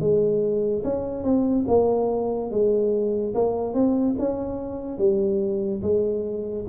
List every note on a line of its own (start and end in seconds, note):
0.00 0.83 G#3
0.84 1.23 C#4
1.23 1.65 C4
1.67 2.51 A#3
2.51 3.34 G#3
3.34 3.74 A#3
3.74 4.16 C4
4.19 4.98 C#4
4.98 5.81 G3
5.82 6.65 G#3